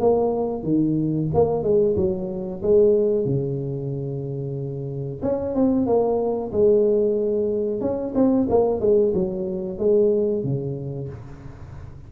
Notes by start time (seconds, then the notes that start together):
0.00 A#3
0.63 D#3
1.34 A#3
1.63 G#3
1.97 F#3
2.63 G#3
3.25 C#3
5.23 C#4
5.55 C4
5.87 A#3
6.52 G#3
7.81 C#4
8.15 C4
8.49 A#3
8.81 G#3
9.14 F#3
9.79 G#3
10.44 C#3